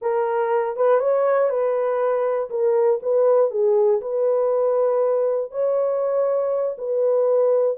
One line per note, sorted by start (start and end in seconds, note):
0.01 0.76 A#4
0.76 0.99 B4
0.99 1.49 C#5
1.49 2.49 B4
2.50 3.00 A#4
3.02 3.50 B4
3.50 4.00 G#4
4.01 5.51 B4
5.51 6.76 C#5
6.77 7.77 B4